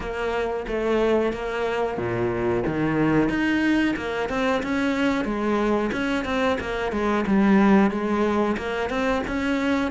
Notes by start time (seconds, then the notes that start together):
0.00 A#3
0.67 A3
1.32 A#3
1.97 A#2
2.66 D#3
3.29 D#4
3.96 A#3
4.29 C4
4.62 C#4
5.24 G#3
5.92 C#4
6.25 C4
6.60 A#3
6.92 G#3
7.26 G3
7.90 G#3
8.57 A#3
8.89 C4
9.27 C#4